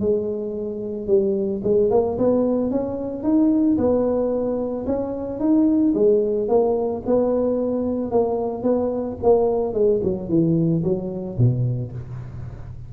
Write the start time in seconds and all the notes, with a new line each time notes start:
0.00 G#3
1.08 G3
1.64 G#3
1.91 A#3
2.18 B3
2.71 C#4
3.23 D#4
3.78 B3
4.87 C#4
5.40 D#4
5.95 G#3
6.49 A#3
7.06 B3
8.11 A#3
8.63 B3
9.23 A#3
9.74 G#3
10.03 F#3
10.29 E3
10.84 F#3
11.38 B2